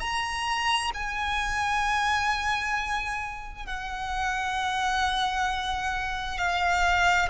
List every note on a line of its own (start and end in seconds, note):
0.00 0.91 A#5
0.94 3.66 G#5
3.66 6.38 F#5
6.38 7.29 F5